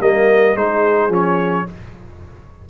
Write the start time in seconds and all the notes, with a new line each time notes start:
0.00 G3 A#3 A#4 D#5
0.54 G#3 D#4 G#4 C5
1.09 F3 C#4 C#5